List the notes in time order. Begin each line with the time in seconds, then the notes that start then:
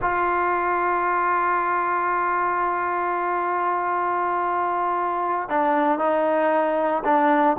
0.01 F4
5.49 D4
5.99 D#4
7.04 D4